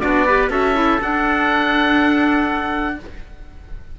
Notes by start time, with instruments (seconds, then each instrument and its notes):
0.00 cello B3, clarinet D4, trumpet F#4, oboe D5
0.25 clarinet G4, trumpet B4
0.49 cello C#4, clarinet F#4, trumpet A4, oboe E5
0.74 clarinet E4
1.01 clarinet D4, cello D4, oboe F#5